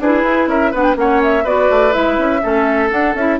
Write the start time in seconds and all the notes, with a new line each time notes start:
0.00 D4 E4 G#4 B4
0.24 E4
0.48 C#4 A#4 E5
0.71 B3 D4 B4 F#5
0.83 G5
0.95 A#3 C#4 C#5 F#5
1.23 E5
1.44 B3 F#4 B4 D5
1.70 A3
1.92 G#3 E4 E5
2.18 C#4
2.43 A3 C#4 A4
2.90 D4 F#5
3.15 C#4 E4 E5